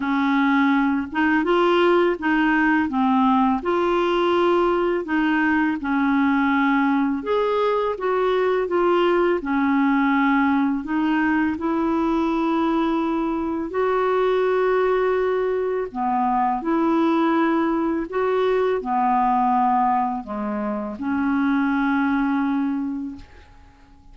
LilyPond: \new Staff \with { instrumentName = "clarinet" } { \time 4/4 \tempo 4 = 83 cis'4. dis'8 f'4 dis'4 | c'4 f'2 dis'4 | cis'2 gis'4 fis'4 | f'4 cis'2 dis'4 |
e'2. fis'4~ | fis'2 b4 e'4~ | e'4 fis'4 b2 | gis4 cis'2. | }